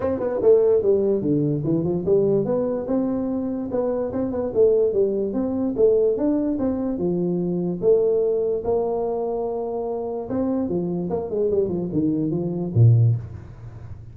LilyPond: \new Staff \with { instrumentName = "tuba" } { \time 4/4 \tempo 4 = 146 c'8 b8 a4 g4 d4 | e8 f8 g4 b4 c'4~ | c'4 b4 c'8 b8 a4 | g4 c'4 a4 d'4 |
c'4 f2 a4~ | a4 ais2.~ | ais4 c'4 f4 ais8 gis8 | g8 f8 dis4 f4 ais,4 | }